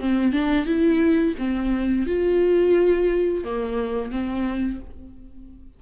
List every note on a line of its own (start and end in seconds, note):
0.00 0.33 C4
0.33 0.66 D4
0.66 1.35 E4
1.38 2.07 C4
2.07 3.45 F4
3.45 4.11 A#3
4.11 4.80 C4